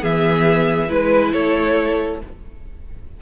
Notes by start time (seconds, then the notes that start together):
0.00 E3 B3 G#4 E5
0.88 G#3 E4 B4
1.33 A3 A4 C#5